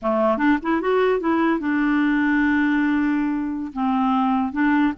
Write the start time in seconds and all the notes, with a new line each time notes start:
0.02 A3
0.37 D4
0.62 E4
0.81 F#4
1.19 E4
1.59 D4
3.73 C4
4.52 D4